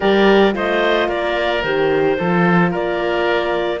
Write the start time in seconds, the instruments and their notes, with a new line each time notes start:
0.00 cello G3, horn G4, oboe A#4, clarinet D5
0.53 cello A3, horn F4, oboe C5, clarinet D#5
1.08 cello A#3, oboe A#4, clarinet D5
1.62 cello D#3, horn G4, clarinet C5
2.18 cello F3, horn F4, oboe A4
2.70 cello A#3, oboe A#4, clarinet D5